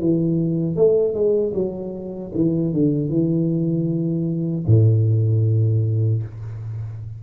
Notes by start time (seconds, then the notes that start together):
0.00 E3
0.77 A3
1.14 G#3
1.54 F#3
2.35 E3
2.73 D3
3.10 E3
4.67 A2